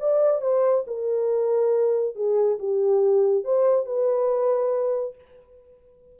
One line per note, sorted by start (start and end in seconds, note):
0.00 0.41 D5
0.41 0.85 C5
0.87 2.16 A#4
2.16 2.59 G#4
2.59 3.45 G4
3.45 3.86 C5
3.86 5.15 B4